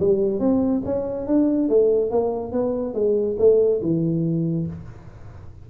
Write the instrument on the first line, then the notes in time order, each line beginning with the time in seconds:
tuba
0.00 G3
0.40 C4
0.85 C#4
1.27 D4
1.69 A3
2.11 A#3
2.52 B3
2.94 G#3
3.39 A3
3.82 E3